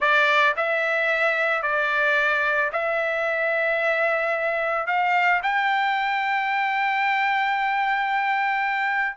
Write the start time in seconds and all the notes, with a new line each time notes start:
0.00 D5
0.56 E5
1.62 D5
2.72 E5
4.86 F5
5.43 G5